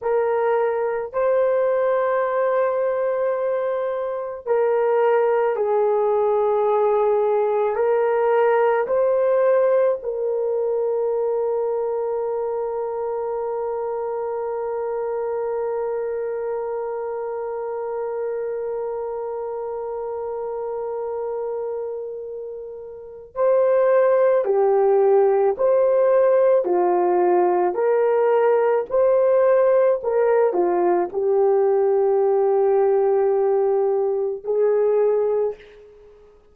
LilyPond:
\new Staff \with { instrumentName = "horn" } { \time 4/4 \tempo 4 = 54 ais'4 c''2. | ais'4 gis'2 ais'4 | c''4 ais'2.~ | ais'1~ |
ais'1~ | ais'4 c''4 g'4 c''4 | f'4 ais'4 c''4 ais'8 f'8 | g'2. gis'4 | }